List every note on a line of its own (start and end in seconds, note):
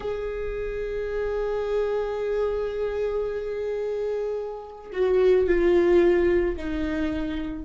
0.00 4.91 G#4
4.92 5.46 F#4
5.46 6.56 F4
6.57 7.65 D#4